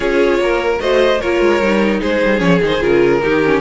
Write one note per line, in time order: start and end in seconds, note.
0.00 0.39 C#4
0.00 0.77 F4
0.00 0.40 G#4
0.00 0.78 C#5
0.39 0.79 A#3
0.39 0.81 A#4
0.79 1.21 A3
0.79 1.19 F#4
0.79 1.21 C5
0.79 1.20 D#5
1.20 1.40 A#3
1.20 1.62 F4
1.20 2.00 A#4
1.20 2.01 C#5
1.40 1.60 G#3
1.60 2.01 G3
1.60 2.38 D#4
2.00 2.22 G#3
2.00 3.20 G#4
2.00 2.39 C5
2.25 2.40 G3
2.38 2.60 F3
2.38 2.58 C#4
2.38 2.59 C#5
2.62 2.82 D#3
2.62 2.80 D#4
2.62 2.82 C5
2.80 3.23 C#3
2.80 3.20 F4
2.80 3.61 A#4
3.23 3.61 D#3
3.23 3.43 D#4
3.23 3.61 G4
3.43 3.61 C#4